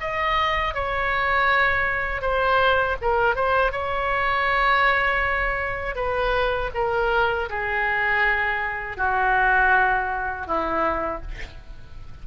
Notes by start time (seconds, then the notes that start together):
0.00 D#5
0.74 C#5
2.21 C5
3.01 A#4
3.35 C5
3.71 C#5
5.95 B4
6.74 A#4
7.49 G#4
8.97 F#4
10.46 E4